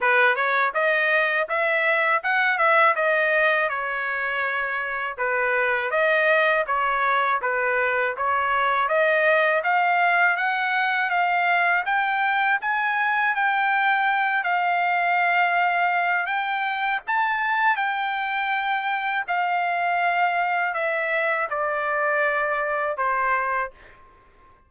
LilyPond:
\new Staff \with { instrumentName = "trumpet" } { \time 4/4 \tempo 4 = 81 b'8 cis''8 dis''4 e''4 fis''8 e''8 | dis''4 cis''2 b'4 | dis''4 cis''4 b'4 cis''4 | dis''4 f''4 fis''4 f''4 |
g''4 gis''4 g''4. f''8~ | f''2 g''4 a''4 | g''2 f''2 | e''4 d''2 c''4 | }